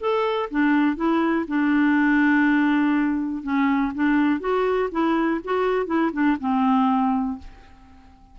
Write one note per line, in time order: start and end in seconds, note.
0.00 0.49 A4
0.51 0.96 D4
0.96 1.45 E4
1.48 3.43 D4
3.43 3.92 C#4
3.95 4.40 D4
4.40 4.89 F#4
4.91 5.41 E4
5.44 5.86 F#4
5.86 6.11 E4
6.13 6.37 D4
6.40 7.39 C4